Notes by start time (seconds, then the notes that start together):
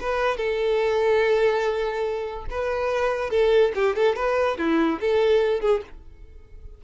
0.00 B4
0.37 A4
2.50 B4
3.30 A4
3.75 G4
3.96 A4
4.16 B4
4.58 E4
5.00 A4
5.60 G#4